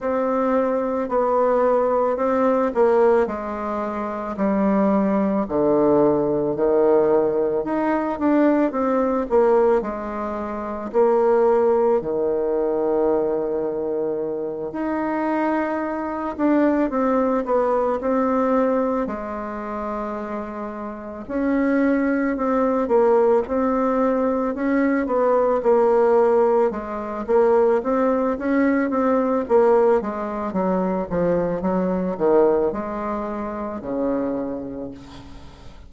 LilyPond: \new Staff \with { instrumentName = "bassoon" } { \time 4/4 \tempo 4 = 55 c'4 b4 c'8 ais8 gis4 | g4 d4 dis4 dis'8 d'8 | c'8 ais8 gis4 ais4 dis4~ | dis4. dis'4. d'8 c'8 |
b8 c'4 gis2 cis'8~ | cis'8 c'8 ais8 c'4 cis'8 b8 ais8~ | ais8 gis8 ais8 c'8 cis'8 c'8 ais8 gis8 | fis8 f8 fis8 dis8 gis4 cis4 | }